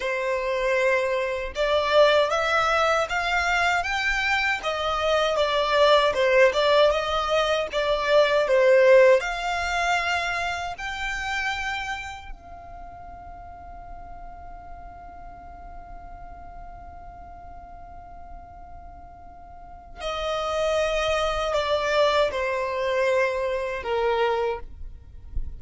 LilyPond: \new Staff \with { instrumentName = "violin" } { \time 4/4 \tempo 4 = 78 c''2 d''4 e''4 | f''4 g''4 dis''4 d''4 | c''8 d''8 dis''4 d''4 c''4 | f''2 g''2 |
f''1~ | f''1~ | f''2 dis''2 | d''4 c''2 ais'4 | }